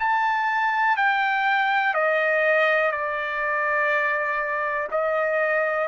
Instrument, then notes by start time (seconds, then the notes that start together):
trumpet
0.00 A5
0.97 G5
1.94 D#5
2.92 D5
4.91 D#5